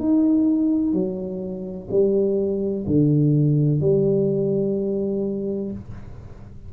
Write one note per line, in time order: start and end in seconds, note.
0.00 0.94 D#4
0.94 1.89 F#3
1.91 2.86 G3
2.87 3.81 D3
3.81 5.71 G3